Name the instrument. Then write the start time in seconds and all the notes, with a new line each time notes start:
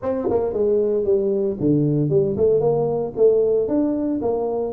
tuba
0.02 C4
0.29 A#3
0.53 G#3
1.04 G3
1.60 D3
2.09 G3
2.36 A3
2.60 A#3
3.16 A3
3.68 D4
4.21 A#3